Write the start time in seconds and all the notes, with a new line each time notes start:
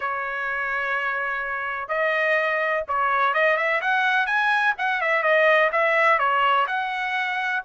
0.00 C#5
1.88 D#5
2.88 C#5
3.33 D#5
3.56 E5
3.81 F#5
4.26 G#5
4.78 F#5
5.01 E5
5.22 D#5
5.72 E5
6.18 C#5
6.67 F#5